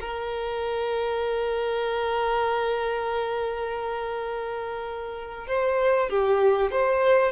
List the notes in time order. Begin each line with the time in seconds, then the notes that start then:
0.00 A#4
5.47 C5
6.09 G4
6.71 C5